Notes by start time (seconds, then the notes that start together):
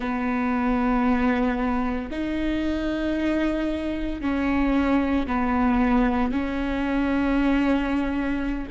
0.00 B3
2.11 D#4
4.21 C#4
5.26 B3
6.31 C#4